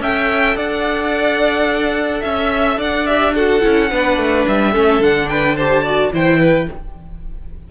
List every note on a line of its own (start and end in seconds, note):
0.00 0.56 C#4
0.00 3.07 A4
0.00 0.56 E5
0.00 0.57 G5
0.56 2.23 D4
0.56 2.20 D5
0.56 2.24 F#5
2.20 2.77 C#4
2.20 2.76 E5
2.20 2.80 E5
2.77 3.60 D4
2.77 3.34 D5
2.77 3.06 F#5
3.06 3.35 G4
3.06 3.34 E5
3.35 3.61 F#4
3.35 3.90 A4
3.35 4.46 F#5
3.61 3.91 C#4
3.61 3.89 E4
3.91 4.17 B3
3.91 4.74 D4
3.91 4.71 B4
4.17 4.45 A3
4.48 4.75 G3
4.48 5.03 E5
4.71 5.00 A3
4.71 5.01 C#4
4.71 5.27 A4
5.00 6.11 D3
5.00 5.56 D4
5.00 5.29 F#5
5.29 5.56 B4
5.29 5.56 G5
5.56 5.85 G4
5.56 5.83 C5
5.56 6.12 A5
5.83 6.12 F#4
5.83 6.11 D5
6.12 6.68 E3
6.12 6.68 E4
6.12 6.40 C5
6.12 6.71 G5
6.40 6.68 B4